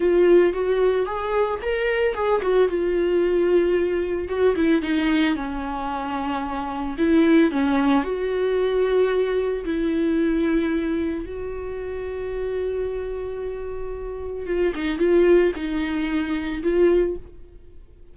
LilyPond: \new Staff \with { instrumentName = "viola" } { \time 4/4 \tempo 4 = 112 f'4 fis'4 gis'4 ais'4 | gis'8 fis'8 f'2. | fis'8 e'8 dis'4 cis'2~ | cis'4 e'4 cis'4 fis'4~ |
fis'2 e'2~ | e'4 fis'2.~ | fis'2. f'8 dis'8 | f'4 dis'2 f'4 | }